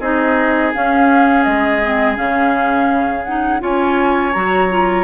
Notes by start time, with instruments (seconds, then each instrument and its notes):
0.00 bassoon C4, clarinet D#4, oboe G#4, flute D#5
0.74 clarinet C#4, bassoon C#4, flute F5
1.44 bassoon G#3, flute D#5
1.83 clarinet C4
2.16 bassoon C#3, clarinet C#4, flute F5
3.24 clarinet D#4, flute F#5
3.60 bassoon C#4, clarinet F4, oboe C#5, flute G#5
4.33 bassoon F#3, clarinet F#4, flute A#5
4.70 clarinet F4